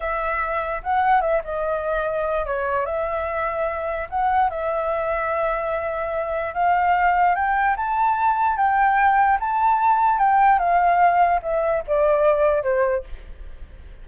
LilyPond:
\new Staff \with { instrumentName = "flute" } { \time 4/4 \tempo 4 = 147 e''2 fis''4 e''8 dis''8~ | dis''2 cis''4 e''4~ | e''2 fis''4 e''4~ | e''1 |
f''2 g''4 a''4~ | a''4 g''2 a''4~ | a''4 g''4 f''2 | e''4 d''2 c''4 | }